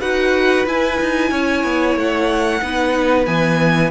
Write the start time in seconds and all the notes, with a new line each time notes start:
0.00 D#4 F#4 B4 F#5
0.66 E4 G#5
1.00 D#4
1.31 C#4 C#5
1.63 B3
1.96 A3 F#5
2.61 B3 D#4 B4
3.26 E3 B3 G#5